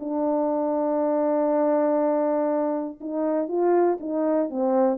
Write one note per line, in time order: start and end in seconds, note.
0.00 3.00 D4
3.01 3.48 D#4
3.48 3.98 F4
4.00 4.50 D#4
4.50 4.98 C4